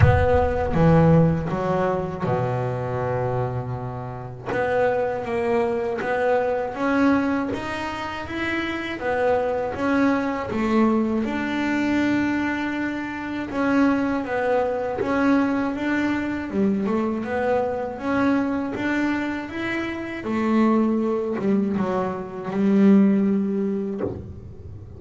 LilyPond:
\new Staff \with { instrumentName = "double bass" } { \time 4/4 \tempo 4 = 80 b4 e4 fis4 b,4~ | b,2 b4 ais4 | b4 cis'4 dis'4 e'4 | b4 cis'4 a4 d'4~ |
d'2 cis'4 b4 | cis'4 d'4 g8 a8 b4 | cis'4 d'4 e'4 a4~ | a8 g8 fis4 g2 | }